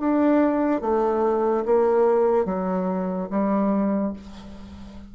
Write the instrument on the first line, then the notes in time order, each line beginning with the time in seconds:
bassoon
0.00 D4
0.81 A3
1.65 A#3
2.45 F#3
3.30 G3